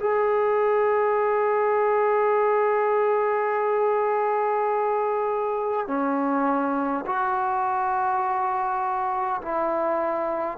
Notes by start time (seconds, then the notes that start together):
0.00 G#4
5.88 C#4
7.06 F#4
9.42 E4